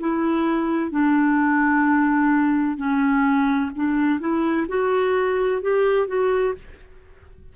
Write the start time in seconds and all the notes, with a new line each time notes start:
0.00 E4
0.91 D4
2.77 C#4
3.76 D4
4.20 E4
4.69 F#4
5.62 G4
6.08 F#4